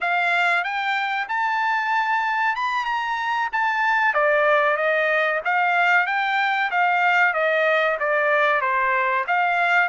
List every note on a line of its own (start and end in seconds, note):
0.01 0.64 F5
0.64 1.27 G5
1.28 2.55 A5
2.55 2.85 B5
2.85 3.49 A#5
3.52 4.14 A5
4.14 4.76 D5
4.76 5.40 D#5
5.45 6.06 F5
6.06 6.70 G5
6.71 7.33 F5
7.33 7.97 D#5
7.99 8.61 D5
8.61 9.25 C5
9.27 9.88 F5